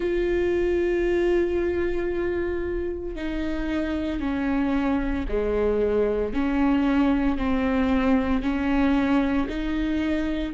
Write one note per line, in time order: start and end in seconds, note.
0.00 3.15 F4
3.15 4.20 D#4
4.20 5.25 C#4
5.28 6.33 G#3
6.33 7.37 C#4
7.37 8.42 C4
8.42 9.47 C#4
9.48 10.54 D#4